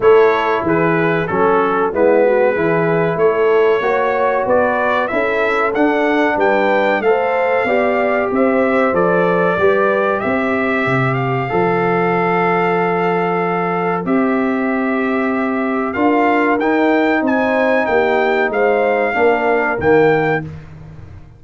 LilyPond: <<
  \new Staff \with { instrumentName = "trumpet" } { \time 4/4 \tempo 4 = 94 cis''4 b'4 a'4 b'4~ | b'4 cis''2 d''4 | e''4 fis''4 g''4 f''4~ | f''4 e''4 d''2 |
e''4. f''2~ f''8~ | f''2 e''2~ | e''4 f''4 g''4 gis''4 | g''4 f''2 g''4 | }
  \new Staff \with { instrumentName = "horn" } { \time 4/4 a'4 gis'4 a'4 e'8 fis'8 | gis'4 a'4 cis''4 b'4 | a'2 b'4 c''4 | d''4 c''2 b'4 |
c''1~ | c''1~ | c''4 ais'2 c''4 | g'4 c''4 ais'2 | }
  \new Staff \with { instrumentName = "trombone" } { \time 4/4 e'2 cis'4 b4 | e'2 fis'2 | e'4 d'2 a'4 | g'2 a'4 g'4~ |
g'2 a'2~ | a'2 g'2~ | g'4 f'4 dis'2~ | dis'2 d'4 ais4 | }
  \new Staff \with { instrumentName = "tuba" } { \time 4/4 a4 e4 fis4 gis4 | e4 a4 ais4 b4 | cis'4 d'4 g4 a4 | b4 c'4 f4 g4 |
c'4 c4 f2~ | f2 c'2~ | c'4 d'4 dis'4 c'4 | ais4 gis4 ais4 dis4 | }
>>